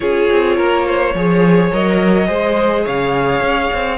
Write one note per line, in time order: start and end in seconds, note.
0.00 0.29 C#4
0.00 1.12 F4
0.00 0.56 G#4
0.00 1.71 C#5
0.30 0.59 C4
0.56 1.14 A#3
0.56 0.85 A#4
0.86 1.15 C5
1.14 1.71 F3
1.14 1.72 G#4
1.14 2.27 C#5
1.72 2.28 F#3
1.72 2.26 A#4
1.72 2.86 D#5
2.26 2.85 G#3
2.26 3.97 G#4
2.26 2.84 C5
2.84 3.40 C#3
2.84 3.98 C#5
2.84 3.98 F5
3.40 3.69 C#4
3.73 3.98 C4